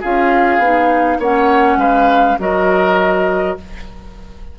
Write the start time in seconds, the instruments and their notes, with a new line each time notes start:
0.00 bassoon C#4, clarinet F4, oboe G#4, flute F5
0.58 bassoon B3, clarinet D#4
1.18 bassoon A#3, clarinet C#4, oboe C#5, flute F#5
1.76 bassoon G#3, oboe B4, flute F5
2.39 bassoon F#3, clarinet F#4, oboe A#4, flute D#5